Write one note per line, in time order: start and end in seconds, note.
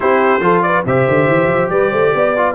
0.00 0.40 C4
0.00 0.40 E4
0.00 0.43 G4
0.00 0.61 C5
0.40 0.82 F3
0.40 0.84 F4
0.40 0.64 A4
0.61 0.86 B4
0.61 0.83 D5
0.85 1.07 C3
0.85 2.36 G4
0.85 1.71 C5
0.85 1.69 E5
1.07 1.27 D3
1.27 1.47 E3
1.47 1.68 F3
1.69 1.91 G3
1.69 1.89 B4
1.69 2.54 D5
1.89 2.13 A3
1.89 2.11 C5
2.14 2.54 B3
2.14 2.54 D5
2.36 2.54 F4